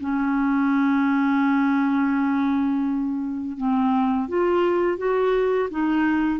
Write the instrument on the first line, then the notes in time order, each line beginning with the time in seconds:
clarinet
0.00 C#4
3.57 C4
4.29 F4
4.98 F#4
5.70 D#4